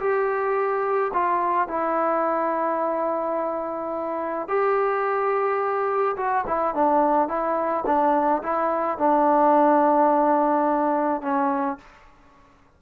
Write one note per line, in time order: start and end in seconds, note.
0.00 1.12 G4
1.14 1.68 F4
1.68 4.48 E4
4.48 6.17 G4
6.17 6.45 F#4
6.47 6.75 E4
6.75 7.28 D4
7.28 7.84 E4
7.86 8.42 D4
8.43 8.98 E4
8.98 11.22 D4
11.22 11.78 C#4